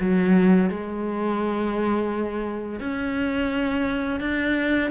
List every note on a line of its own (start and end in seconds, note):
0.00 0.69 F#3
0.69 2.79 G#3
2.79 4.20 C#4
4.20 4.90 D4